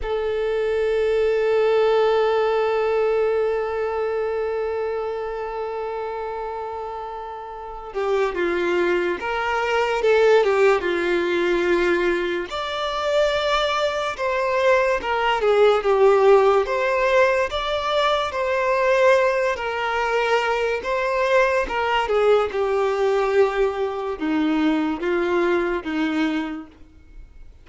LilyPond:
\new Staff \with { instrumentName = "violin" } { \time 4/4 \tempo 4 = 72 a'1~ | a'1~ | a'4. g'8 f'4 ais'4 | a'8 g'8 f'2 d''4~ |
d''4 c''4 ais'8 gis'8 g'4 | c''4 d''4 c''4. ais'8~ | ais'4 c''4 ais'8 gis'8 g'4~ | g'4 dis'4 f'4 dis'4 | }